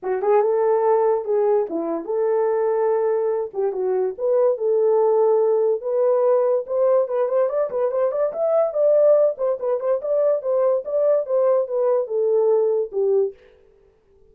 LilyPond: \new Staff \with { instrumentName = "horn" } { \time 4/4 \tempo 4 = 144 fis'8 gis'8 a'2 gis'4 | e'4 a'2.~ | a'8 g'8 fis'4 b'4 a'4~ | a'2 b'2 |
c''4 b'8 c''8 d''8 b'8 c''8 d''8 | e''4 d''4. c''8 b'8 c''8 | d''4 c''4 d''4 c''4 | b'4 a'2 g'4 | }